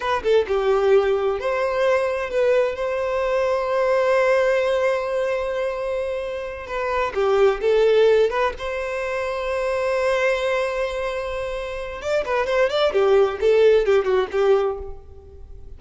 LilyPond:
\new Staff \with { instrumentName = "violin" } { \time 4/4 \tempo 4 = 130 b'8 a'8 g'2 c''4~ | c''4 b'4 c''2~ | c''1~ | c''2~ c''8 b'4 g'8~ |
g'8 a'4. b'8 c''4.~ | c''1~ | c''2 d''8 b'8 c''8 d''8 | g'4 a'4 g'8 fis'8 g'4 | }